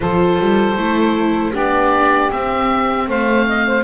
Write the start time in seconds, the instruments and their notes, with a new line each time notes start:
0.00 double bass F3, viola F4, saxophone A4, oboe C5
0.40 double bass G3
0.76 double bass A3, viola E4
1.52 double bass B3, viola D4, saxophone G4, oboe D5
2.30 viola C4, double bass C4, oboe E5
3.08 double bass A3, saxophone C5, oboe F5
3.48 saxophone D#5
3.66 saxophone C5